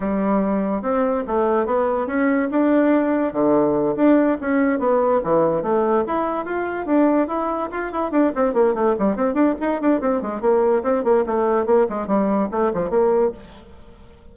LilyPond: \new Staff \with { instrumentName = "bassoon" } { \time 4/4 \tempo 4 = 144 g2 c'4 a4 | b4 cis'4 d'2 | d4. d'4 cis'4 b8~ | b8 e4 a4 e'4 f'8~ |
f'8 d'4 e'4 f'8 e'8 d'8 | c'8 ais8 a8 g8 c'8 d'8 dis'8 d'8 | c'8 gis8 ais4 c'8 ais8 a4 | ais8 gis8 g4 a8 f8 ais4 | }